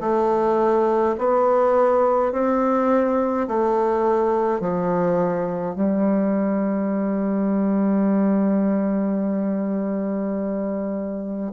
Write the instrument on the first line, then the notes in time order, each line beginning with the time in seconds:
bassoon
0.00 A3
1.18 B3
2.32 C4
3.47 A3
4.60 F3
5.75 G3